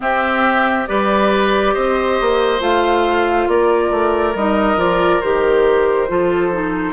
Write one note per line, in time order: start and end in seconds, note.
0.00 0.86 C4
0.00 0.88 C4
0.00 0.88 G4
0.00 0.87 E5
0.87 1.75 G3
0.87 2.59 G4
0.87 1.74 B4
0.87 1.74 D5
1.74 2.20 C4
1.74 3.47 C5
1.74 2.61 D#5
2.20 2.60 A#3
2.59 3.47 A3
2.59 4.33 F4
2.59 3.48 F5
3.47 3.90 A#3
3.47 6.09 A#4
3.47 4.36 D5
3.90 4.34 A3
4.34 4.76 G3
4.34 4.76 D#4
4.34 4.79 D#5
4.76 5.20 F3
4.76 5.20 F4
4.76 5.21 D5
5.21 6.09 D#3
5.21 6.08 G4
5.21 6.93 C5
6.08 6.93 F3
6.08 6.51 F4
6.08 6.93 A4
6.51 6.93 D#4